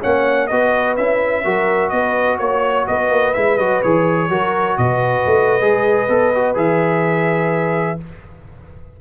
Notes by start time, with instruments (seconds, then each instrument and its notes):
0.00 tuba A#3, trombone C#4, horn C#5, trumpet F#5
0.47 tuba B3, trombone F#4, horn B4, trumpet D#5
0.97 tuba C#4, trombone E4, trumpet E5
1.44 tuba F#3, trombone F#4, horn A#4
1.89 tuba B3, horn B4, trumpet D#5
2.38 tuba A#3, trumpet C#5, horn C#5
2.87 tuba B3, horn B4, trumpet D#5
3.10 tuba A#3
3.34 tuba G#3, trombone E4, trumpet E5
3.57 tuba F#3, trombone F#4, trumpet D#5
3.82 tuba E3, trombone G#4, trumpet C#5
4.29 tuba F#3, trombone F#4, horn A#4
4.77 tuba B2, horn B4, trumpet D#5
5.26 tuba A3
5.61 tuba G#3, trombone G#4
6.08 tuba B3, trombone A4
6.35 trombone F#4
6.55 tuba E3, trombone G#4, trumpet E5